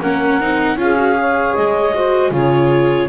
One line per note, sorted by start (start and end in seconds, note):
0.00 0.41 A#3
0.00 0.41 C#4
0.00 0.77 A#4
0.00 0.79 F#5
0.41 0.76 C4
0.41 0.78 D#4
0.76 1.53 C#4
0.76 0.97 F4
0.76 1.19 G#4
0.76 1.55 F5
0.97 1.15 F#4
1.15 1.92 G#4
1.15 1.96 C#5
1.55 2.31 G#3
1.55 2.32 D#5
1.95 2.32 F#4
1.95 2.31 C5
2.31 3.08 C#3
2.31 3.09 F4
2.31 3.08 G#4
2.31 3.09 C#5